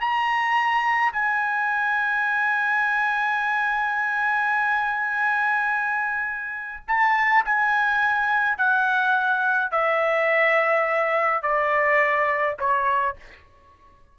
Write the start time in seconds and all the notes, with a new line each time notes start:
0.00 A#5
1.12 G#5
6.87 A5
7.45 G#5
8.57 F#5
9.71 E5
11.42 D5
12.59 C#5